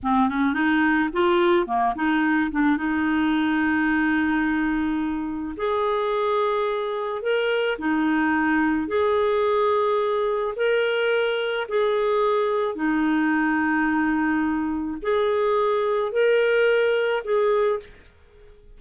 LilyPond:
\new Staff \with { instrumentName = "clarinet" } { \time 4/4 \tempo 4 = 108 c'8 cis'8 dis'4 f'4 ais8 dis'8~ | dis'8 d'8 dis'2.~ | dis'2 gis'2~ | gis'4 ais'4 dis'2 |
gis'2. ais'4~ | ais'4 gis'2 dis'4~ | dis'2. gis'4~ | gis'4 ais'2 gis'4 | }